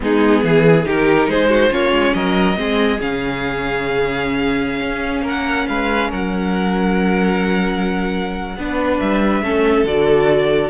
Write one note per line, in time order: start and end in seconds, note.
0.00 0.43 G#3
0.00 0.84 B3
0.00 0.42 D#4
0.00 0.89 G#4
0.42 0.86 E3
0.42 0.85 G#4
0.85 1.27 D#3
0.85 1.69 D#4
0.85 1.28 G4
0.85 1.30 A#4
1.27 1.70 G#3
1.27 1.49 G#4
1.27 1.73 C5
1.49 1.70 F#4
1.69 1.91 A#3
1.69 2.55 C#4
1.69 2.13 F4
1.69 2.14 C#5
1.91 2.12 G#3
2.14 2.56 F#3
2.14 2.58 A#4
2.14 2.99 D#5
2.56 2.99 G#3
2.56 2.99 C4
2.56 5.23 G#4
2.99 4.80 C#3
2.99 8.57 C#4
2.99 5.26 F5
4.80 5.22 C#4
5.22 5.65 A#3
5.22 5.66 A#4
5.28 5.67 F#5
5.67 6.12 G#3
5.67 6.09 B4
5.67 6.10 F5
6.09 8.56 F#3
6.09 8.56 A#4
6.09 8.99 F#5
8.56 8.99 B3
8.56 9.43 D4
8.56 9.43 B4
8.99 9.42 G3
8.99 9.85 E5
9.42 9.84 A3
9.42 9.86 C#4
9.42 10.70 A4
9.84 10.69 D3
9.84 10.70 F#4
9.84 10.70 D5